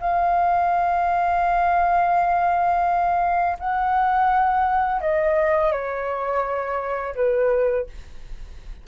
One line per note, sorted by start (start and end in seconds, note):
0.00 3.57 F5
3.59 5.01 F#5
5.01 5.72 D#5
5.72 7.15 C#5
7.15 7.86 B4